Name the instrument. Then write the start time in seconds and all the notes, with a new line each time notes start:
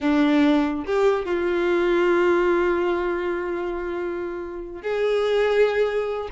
violin
0.01 D4
0.85 G4
1.25 F4
4.82 G#4